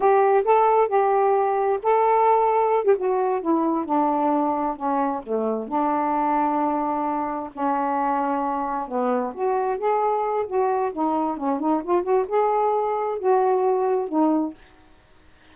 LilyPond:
\new Staff \with { instrumentName = "saxophone" } { \time 4/4 \tempo 4 = 132 g'4 a'4 g'2 | a'2~ a'16 g'16 fis'4 e'8~ | e'8 d'2 cis'4 a8~ | a8 d'2.~ d'8~ |
d'8 cis'2. b8~ | b8 fis'4 gis'4. fis'4 | dis'4 cis'8 dis'8 f'8 fis'8 gis'4~ | gis'4 fis'2 dis'4 | }